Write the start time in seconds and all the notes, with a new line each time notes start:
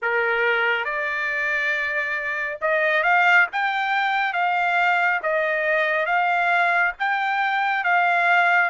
0.02 A#4
0.84 D5
2.61 D#5
3.03 F5
3.52 G5
4.33 F5
5.22 D#5
6.06 F5
6.99 G5
7.83 F5